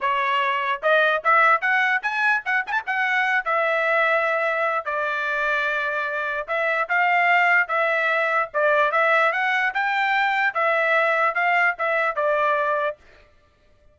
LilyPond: \new Staff \with { instrumentName = "trumpet" } { \time 4/4 \tempo 4 = 148 cis''2 dis''4 e''4 | fis''4 gis''4 fis''8 gis''16 a''16 fis''4~ | fis''8 e''2.~ e''8 | d''1 |
e''4 f''2 e''4~ | e''4 d''4 e''4 fis''4 | g''2 e''2 | f''4 e''4 d''2 | }